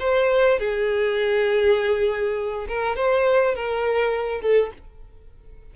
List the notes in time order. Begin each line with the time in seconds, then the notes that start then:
0.00 C5
0.60 G#4
2.68 A#4
2.96 C5
3.56 A#4
4.42 A4